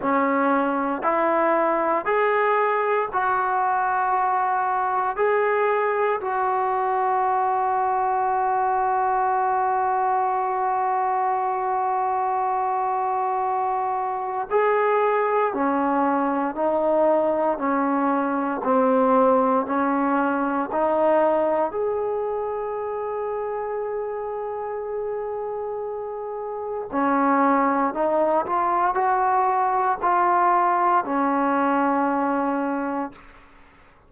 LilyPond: \new Staff \with { instrumentName = "trombone" } { \time 4/4 \tempo 4 = 58 cis'4 e'4 gis'4 fis'4~ | fis'4 gis'4 fis'2~ | fis'1~ | fis'2 gis'4 cis'4 |
dis'4 cis'4 c'4 cis'4 | dis'4 gis'2.~ | gis'2 cis'4 dis'8 f'8 | fis'4 f'4 cis'2 | }